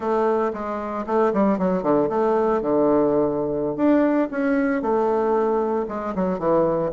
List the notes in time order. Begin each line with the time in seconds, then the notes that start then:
0.00 A3
0.53 G#3
1.06 A3
1.33 G3
1.58 F#3
1.83 D3
2.09 A3
2.61 D3
3.76 D4
4.30 C#4
4.81 A3
5.88 G#3
6.15 F#3
6.38 E3